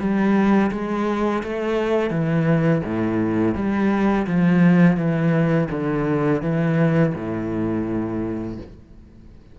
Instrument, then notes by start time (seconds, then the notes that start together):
cello
0.00 G3
0.72 G#3
1.44 A3
2.11 E3
2.85 A2
3.55 G3
4.27 F3
4.97 E3
5.71 D3
6.42 E3
7.15 A2